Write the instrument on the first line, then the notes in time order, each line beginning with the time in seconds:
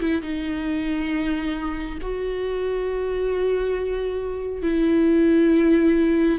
viola
0.00 E4
0.22 D#4
2.01 F#4
4.62 E4